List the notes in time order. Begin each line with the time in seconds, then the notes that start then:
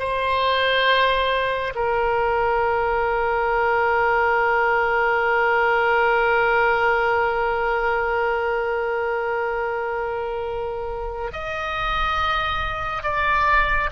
0.00 C5
1.75 A#4
11.33 D#5
13.04 D5